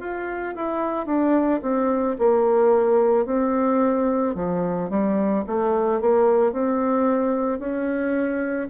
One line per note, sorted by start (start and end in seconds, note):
0.00 0.55 F4
0.56 1.06 E4
1.06 1.61 D4
1.63 2.17 C4
2.19 3.26 A#3
3.26 4.35 C4
4.35 4.90 F3
4.90 5.44 G3
5.47 6.01 A3
6.01 6.53 A#3
6.53 7.60 C4
7.60 8.69 C#4